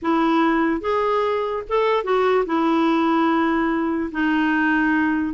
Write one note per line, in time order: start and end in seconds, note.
0.01 0.81 E4
0.81 1.63 G#4
1.68 2.03 A4
2.03 2.45 F#4
2.45 4.10 E4
4.11 5.34 D#4